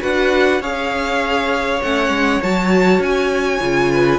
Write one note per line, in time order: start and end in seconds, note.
0.00 0.60 D4
0.00 0.60 F#4
0.00 0.61 B4
0.00 0.62 F#5
0.60 1.80 C#4
0.60 1.82 G#4
0.60 3.90 C#5
0.60 1.82 F5
1.82 2.09 A3
1.82 2.42 C#4
1.82 2.42 F#5
2.09 2.39 G#3
2.42 2.99 F#3
2.42 3.60 F#4
2.42 3.02 A5
2.99 3.59 C#4
2.99 4.19 G#5
3.60 4.19 C#3
3.60 4.19 F4
3.90 4.19 B4